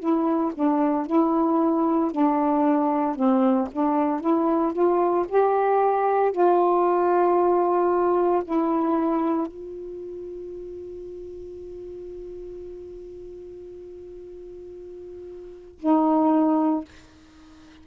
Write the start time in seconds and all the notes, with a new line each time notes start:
0.00 E4
0.55 D4
1.07 E4
2.12 D4
3.16 C4
3.72 D4
4.21 E4
4.73 F4
5.29 G4
6.33 F4
8.44 E4
9.47 F4
15.79 D#4